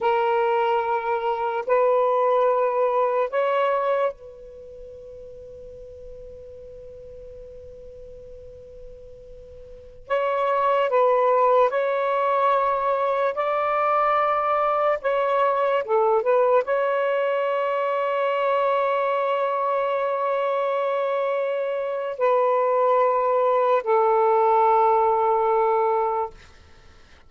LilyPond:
\new Staff \with { instrumentName = "saxophone" } { \time 4/4 \tempo 4 = 73 ais'2 b'2 | cis''4 b'2.~ | b'1~ | b'16 cis''4 b'4 cis''4.~ cis''16~ |
cis''16 d''2 cis''4 a'8 b'16~ | b'16 cis''2.~ cis''8.~ | cis''2. b'4~ | b'4 a'2. | }